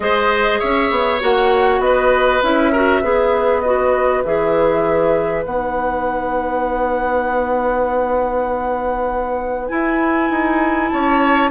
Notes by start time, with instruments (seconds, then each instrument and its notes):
0.00 bassoon G#3, clarinet G#4, oboe C5, flute D#5
0.59 bassoon C#4, oboe C#5, flute E5
0.90 bassoon B3
1.20 bassoon A#3, clarinet F#4, flute F#5
1.79 bassoon B3, oboe B4, flute D#5
2.42 bassoon C#4, clarinet E4, flute E5
2.72 clarinet F#4, oboe A#4
3.01 bassoon B3, clarinet G#4, oboe B4
3.61 clarinet F#4, flute D#5
4.24 bassoon E3, clarinet G#4, flute E5
5.45 bassoon B3, clarinet D#4, flute F#5
9.68 clarinet E4, bassoon E4, flute G#5
10.30 bassoon D#4
10.89 bassoon C#4, oboe C#5, flute A5